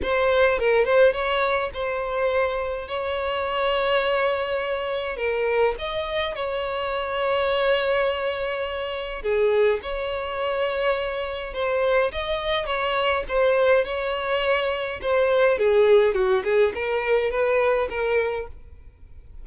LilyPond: \new Staff \with { instrumentName = "violin" } { \time 4/4 \tempo 4 = 104 c''4 ais'8 c''8 cis''4 c''4~ | c''4 cis''2.~ | cis''4 ais'4 dis''4 cis''4~ | cis''1 |
gis'4 cis''2. | c''4 dis''4 cis''4 c''4 | cis''2 c''4 gis'4 | fis'8 gis'8 ais'4 b'4 ais'4 | }